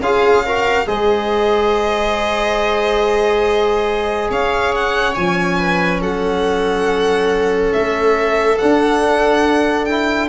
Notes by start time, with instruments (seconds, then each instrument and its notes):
0.00 tuba C#4, trombone F4, viola G#4, violin F5
0.46 trombone F#4, viola A#4
0.87 tuba G#3, trombone G#4, viola C5, violin D#5
4.30 tuba C#4, viola C#5, violin F5
4.75 violin F#5
5.15 tuba F3, trombone C#4, violin G#5
5.59 viola B4
6.01 tuba F#3, viola A4, violin F#5
7.73 tuba A3, violin E5
8.59 trombone D4, tuba D4, violin F#5
9.86 trombone E4, violin G5